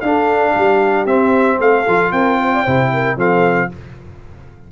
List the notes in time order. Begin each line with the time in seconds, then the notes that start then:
0.00 D4 A4 F5
0.52 G3 G4
1.06 C4 E5
1.59 A3 A4 F5
1.87 F3 F4
2.12 C4 A#4 G5
2.40 C5
2.53 D5
2.63 C3 E4 C5
2.93 A#4
3.16 F3 C4 A4 F5